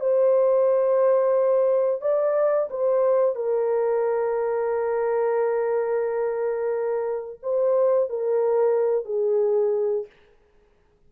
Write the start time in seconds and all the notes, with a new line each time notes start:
0.00 C5
2.01 D5
2.70 C5
3.35 A#4
7.43 C5
8.10 A#4
9.05 G#4